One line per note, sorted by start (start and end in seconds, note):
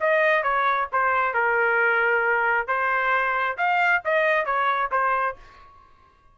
0.00 0.43 D#5
0.43 0.88 C#5
0.92 1.34 C5
1.34 2.67 A#4
2.67 3.57 C5
3.57 4.02 F5
4.05 4.45 D#5
4.45 4.90 C#5
4.91 5.36 C5